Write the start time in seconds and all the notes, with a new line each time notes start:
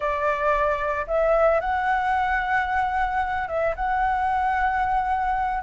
0.00 D5
1.07 E5
1.60 F#5
3.48 E5
3.75 F#5